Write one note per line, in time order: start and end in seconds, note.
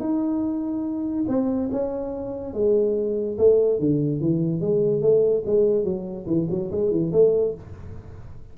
0.00 1.25 D#4
1.28 1.70 C4
1.72 2.54 C#4
2.54 3.37 G#3
3.38 3.79 A3
3.79 4.21 D3
4.21 4.61 E3
4.61 5.02 G#3
5.02 5.43 A3
5.46 5.84 G#3
5.84 6.26 F#3
6.27 6.48 E3
6.50 6.71 F#3
6.71 6.91 G#3
6.91 7.12 E3
7.13 7.54 A3